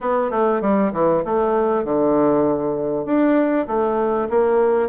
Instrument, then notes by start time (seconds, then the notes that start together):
bassoon
0.00 B3
0.30 A3
0.61 G3
0.92 E3
1.24 A3
1.84 D3
3.05 D4
3.67 A3
4.29 A#3